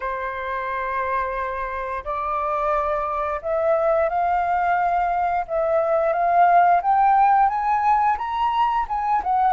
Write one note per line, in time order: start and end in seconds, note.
0.00 2.03 C5
2.04 3.40 D5
3.42 4.09 E5
4.09 5.45 F5
5.47 6.12 E5
6.12 6.81 F5
6.82 7.48 G5
7.48 8.17 G#5
8.18 8.86 A#5
8.88 9.22 G#5
9.23 9.53 F#5